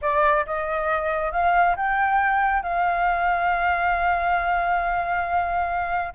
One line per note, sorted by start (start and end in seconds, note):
0.01 0.45 D5
0.46 1.32 D#5
1.32 1.75 F5
1.76 2.62 G5
2.62 6.13 F5